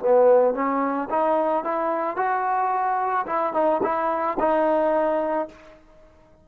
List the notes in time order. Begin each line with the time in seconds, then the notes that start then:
0.00 B3
0.54 C#4
1.10 D#4
1.64 E4
2.17 F#4
3.27 E4
3.54 D#4
3.83 E4
4.39 D#4